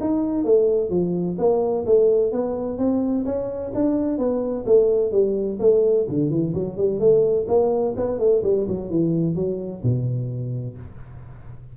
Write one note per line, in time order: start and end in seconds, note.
0.00 0.44 D#4
0.44 0.89 A3
0.89 1.36 F3
1.38 1.85 A#3
1.86 2.32 A3
2.32 2.78 B3
2.78 3.25 C4
3.25 3.72 C#4
3.74 4.18 D4
4.18 4.65 B3
4.66 5.11 A3
5.11 5.58 G3
5.60 6.06 A3
6.09 6.30 D3
6.30 6.53 E3
6.54 6.77 F#3
6.77 6.99 G3
6.99 7.46 A3
7.48 7.95 A#3
7.96 8.19 B3
8.19 8.42 A3
8.43 8.67 G3
8.67 8.90 F#3
8.90 9.35 E3
9.35 9.82 F#3
9.83 10.77 B2